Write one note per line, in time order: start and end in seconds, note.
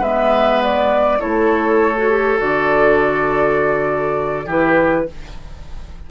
0.00 1.19 G#3
0.00 1.19 B3
0.00 1.19 B4
0.00 0.62 E5
0.63 1.21 D5
1.19 2.41 A3
1.19 1.94 E4
1.19 4.46 A4
1.19 2.40 C#5
1.97 2.10 F#4
2.10 2.38 G4
2.38 4.46 D3
2.38 4.46 F#4
2.38 4.49 D5
4.46 5.06 E3
4.46 5.07 E4
4.46 5.05 G4
4.46 5.11 B4